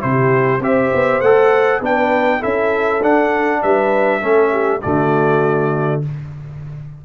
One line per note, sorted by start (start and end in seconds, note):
0.00 0.60 C3
0.00 0.60 E4
0.00 0.62 G4
0.00 0.61 C5
0.60 0.90 C4
0.60 1.22 G4
0.60 1.82 C5
0.60 1.21 E5
0.94 1.20 B3
1.20 1.80 A3
1.20 1.82 A4
1.20 1.81 F#5
1.80 2.40 B3
1.80 2.40 D4
1.80 2.40 B4
1.80 2.43 G5
2.40 3.03 C#4
2.40 3.00 E4
2.40 3.60 A4
2.40 3.02 E5
3.02 4.21 D4
3.02 3.63 D4
3.02 3.62 F#5
3.62 4.21 G3
3.62 4.20 B4
3.62 4.81 E5
4.20 4.82 A3
4.20 4.81 C#4
4.20 4.50 A4
4.51 4.81 G4
4.81 6.05 D3
4.81 6.02 A3
4.81 6.03 F#4
4.81 6.01 D5